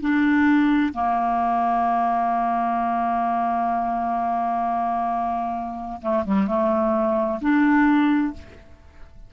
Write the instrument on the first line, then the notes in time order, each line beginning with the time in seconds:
clarinet
0.00 D4
0.93 A#3
6.01 A3
6.25 G3
6.47 A3
7.41 D4